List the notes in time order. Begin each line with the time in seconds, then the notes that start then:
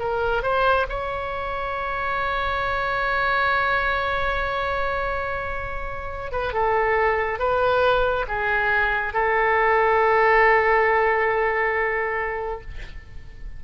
0.00 A#4
0.43 C5
0.90 C#5
6.32 B4
6.53 A4
7.40 B4
8.28 G#4
9.14 A4